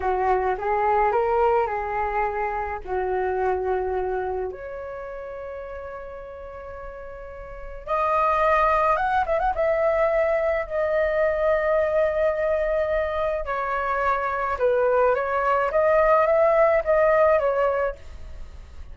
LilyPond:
\new Staff \with { instrumentName = "flute" } { \time 4/4 \tempo 4 = 107 fis'4 gis'4 ais'4 gis'4~ | gis'4 fis'2. | cis''1~ | cis''2 dis''2 |
fis''8 e''16 fis''16 e''2 dis''4~ | dis''1 | cis''2 b'4 cis''4 | dis''4 e''4 dis''4 cis''4 | }